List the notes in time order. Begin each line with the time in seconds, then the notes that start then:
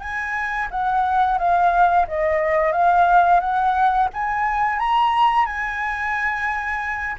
0.00 G#5
0.70 F#5
1.38 F5
2.08 D#5
2.72 F5
3.40 F#5
4.13 G#5
4.79 A#5
5.46 G#5